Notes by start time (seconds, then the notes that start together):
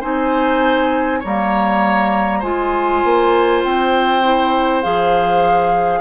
0.00 C4 D#4 C5 G#5
1.20 G3 A#3 C#5 A#5
2.39 G#3 F4 C5 G#5
3.04 A#3
3.64 C4 G5
4.23 E4
4.82 F3 G#4 F5